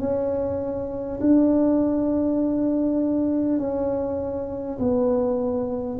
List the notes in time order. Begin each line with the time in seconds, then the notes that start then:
0.00 C#4
1.21 D4
3.58 C#4
4.79 B3